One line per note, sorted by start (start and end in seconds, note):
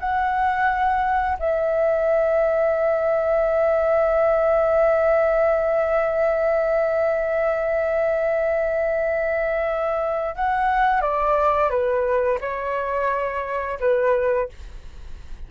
0.00 1.38 F#5
1.39 10.36 E5
10.36 11.02 F#5
11.02 11.70 D5
11.70 12.39 B4
12.41 13.79 C#5
13.80 14.49 B4